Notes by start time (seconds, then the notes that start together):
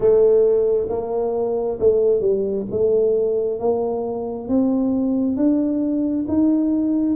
0.00 A3
0.89 A#3
1.79 A3
2.20 G3
2.70 A3
3.59 A#3
4.48 C4
5.36 D4
6.28 D#4